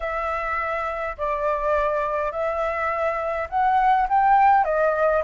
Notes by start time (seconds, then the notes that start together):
0.00 E5
1.17 D5
2.31 E5
3.50 F#5
4.08 G5
4.64 D#5